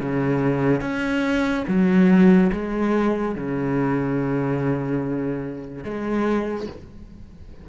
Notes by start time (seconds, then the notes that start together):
0.00 C#3
0.81 C#4
1.67 F#3
2.52 G#3
3.35 C#3
5.84 G#3